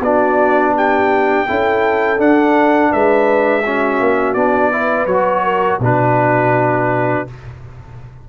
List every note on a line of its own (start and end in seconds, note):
0.00 1.45 B3
0.00 1.47 D4
0.00 0.73 F#4
0.00 0.75 D5
0.75 1.47 G4
0.75 2.20 G5
1.47 2.18 C#4
1.47 2.18 E4
1.47 2.91 A4
2.18 3.62 D4
2.18 2.90 D4
2.18 2.92 F#5
2.91 4.00 G#3
2.91 3.63 B4
2.91 4.33 E5
3.65 4.36 C#4
3.65 4.73 F#4
4.00 4.34 A#3
4.33 5.06 B3
4.33 4.71 D4
4.33 5.06 D5
4.71 5.07 E4
4.71 5.44 B4
5.06 5.78 F#3
5.06 5.80 F#4
5.06 5.78 C#5
5.44 5.80 A#4
5.80 7.24 B2
5.80 7.27 D4
5.80 7.28 F#4
5.80 7.28 B4